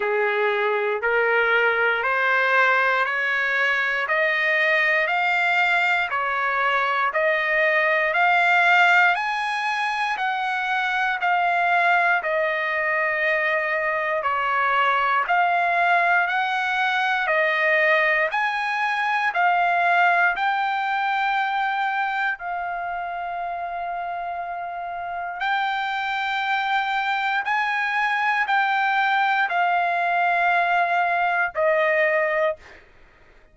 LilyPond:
\new Staff \with { instrumentName = "trumpet" } { \time 4/4 \tempo 4 = 59 gis'4 ais'4 c''4 cis''4 | dis''4 f''4 cis''4 dis''4 | f''4 gis''4 fis''4 f''4 | dis''2 cis''4 f''4 |
fis''4 dis''4 gis''4 f''4 | g''2 f''2~ | f''4 g''2 gis''4 | g''4 f''2 dis''4 | }